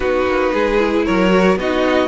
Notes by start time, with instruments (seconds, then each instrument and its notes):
0.00 cello B3, viola D#4, violin F#4 B4
0.26 cello A#3
0.53 cello G#3, violin G#4
0.78 viola E4
1.05 cello F#3, violin A#4 C#5
1.30 viola F#4
1.56 cello B3, viola D#4, violin F#4 D#5